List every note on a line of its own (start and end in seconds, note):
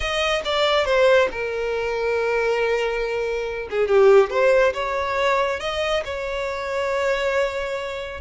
0.00 0.42 D#5
0.44 0.85 D5
0.85 1.28 C5
1.31 3.68 A#4
3.70 3.88 G#4
3.88 4.30 G4
4.30 4.73 C5
4.73 5.60 C#5
5.60 6.03 D#5
6.05 8.20 C#5